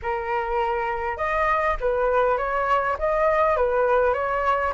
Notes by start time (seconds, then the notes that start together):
0.02 A#4
1.17 D#5
1.80 B4
2.37 C#5
2.98 D#5
3.56 B4
4.13 C#5